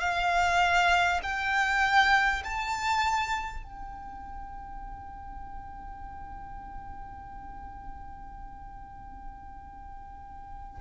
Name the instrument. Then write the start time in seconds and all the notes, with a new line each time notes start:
violin
0.00 F5
1.23 G5
2.44 A5
3.63 G5